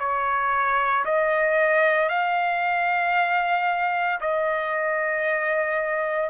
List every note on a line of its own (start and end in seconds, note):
0.00 1.05 C#5
1.06 2.10 D#5
2.10 4.20 F5
4.21 6.30 D#5